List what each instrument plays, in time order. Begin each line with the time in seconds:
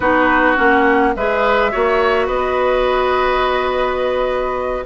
0.00 bassoon B3, clarinet D#4, oboe F#4, flute B4
0.56 bassoon A#3, clarinet C#4, flute F#5
1.15 bassoon G#3, clarinet G#4, oboe B4, flute E5
1.71 bassoon A#3, clarinet F#4, oboe C#5
2.26 bassoon B3, oboe B4, flute D#5